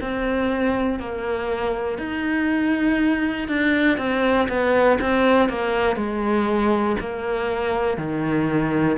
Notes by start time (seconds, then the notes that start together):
0.00 C4
0.99 A#3
1.98 D#4
3.48 D4
3.98 C4
4.48 B3
5.00 C4
5.49 A#3
5.96 G#3
7.00 A#3
7.97 D#3